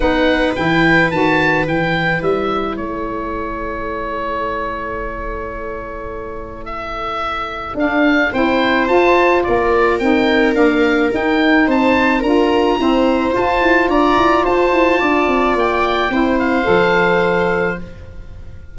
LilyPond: <<
  \new Staff \with { instrumentName = "oboe" } { \time 4/4 \tempo 4 = 108 fis''4 g''4 a''4 g''4 | e''4 cis''2.~ | cis''1 | e''2 f''4 g''4 |
a''4 d''4 g''4 f''4 | g''4 a''4 ais''2 | a''4 ais''4 a''2 | g''4. f''2~ f''8 | }
  \new Staff \with { instrumentName = "viola" } { \time 4/4 b'1~ | b'4 a'2.~ | a'1~ | a'2. c''4~ |
c''4 ais'2.~ | ais'4 c''4 ais'4 c''4~ | c''4 d''4 c''4 d''4~ | d''4 c''2. | }
  \new Staff \with { instrumentName = "saxophone" } { \time 4/4 dis'4 e'4 fis'4 e'4~ | e'1~ | e'1~ | e'2 d'4 e'4 |
f'2 dis'4 ais4 | dis'2 f'4 c'4 | f'1~ | f'4 e'4 a'2 | }
  \new Staff \with { instrumentName = "tuba" } { \time 4/4 b4 e4 dis4 e4 | g4 a2.~ | a1~ | a2 d'4 c'4 |
f'4 ais4 c'4 d'4 | dis'4 c'4 d'4 e'4 | f'8 e'8 d'8 e'8 f'8 e'8 d'8 c'8 | ais4 c'4 f2 | }
>>